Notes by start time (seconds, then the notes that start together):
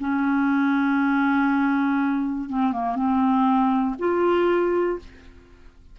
0.00 C#4
2.49 C4
2.73 A#3
2.96 C4
3.99 F4